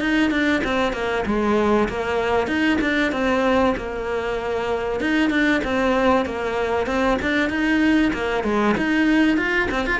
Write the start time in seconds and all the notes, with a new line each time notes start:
0.00 D#4
0.30 D4
0.64 C4
0.93 A#3
1.26 G#3
1.89 A#3
2.47 D#4
2.81 D4
3.12 C4
3.77 A#3
5.00 D#4
5.30 D4
5.64 C4
6.25 A#3
6.86 C4
7.22 D4
7.49 D#4
8.13 A#3
8.44 G#3
8.77 D#4
9.37 F4
9.71 C4
9.86 F4